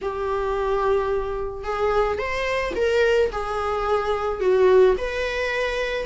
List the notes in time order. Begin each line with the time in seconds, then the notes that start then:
0.02 G4
1.64 G#4
2.18 C5
2.75 A#4
3.32 G#4
4.40 F#4
4.97 B4